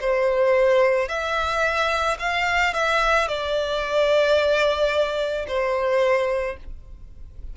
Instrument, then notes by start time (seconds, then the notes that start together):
violin
0.00 C5
1.08 E5
2.19 F5
2.73 E5
3.28 D5
5.47 C5